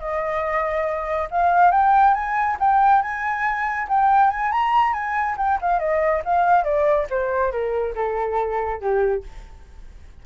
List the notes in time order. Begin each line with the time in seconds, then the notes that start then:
0.00 D#5
1.31 F5
1.71 G5
2.14 G#5
2.60 G5
3.02 G#5
3.88 G5
4.31 G#5
4.52 A#5
4.93 G#5
5.37 G5
5.61 F5
5.80 D#5
6.25 F5
6.64 D5
7.10 C5
7.52 A#4
7.95 A4
8.80 G4